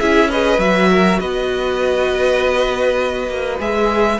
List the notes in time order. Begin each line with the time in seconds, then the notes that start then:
0.00 C#4 E4 G#4 E5
0.30 G#4 B4 D#5
0.58 F#3 F#4 E5
0.91 A#4
1.20 B3 B4 D#5
3.29 A#3
3.60 G#3 G#4 E5